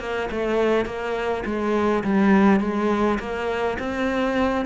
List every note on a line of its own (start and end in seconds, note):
0.00 0.29 A#3
0.31 0.86 A3
0.86 1.44 A#3
1.45 2.04 G#3
2.04 2.60 G3
2.60 3.19 G#3
3.19 3.78 A#3
3.79 4.65 C4